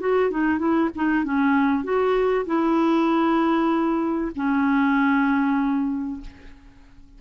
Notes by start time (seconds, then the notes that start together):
0.00 F#4
0.31 D#4
0.59 E4
0.96 D#4
1.25 C#4
1.84 F#4
2.46 E4
4.36 C#4